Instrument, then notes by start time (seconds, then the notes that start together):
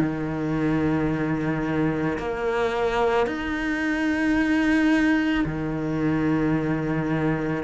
cello
0.00 D#3
2.19 A#3
3.27 D#4
5.46 D#3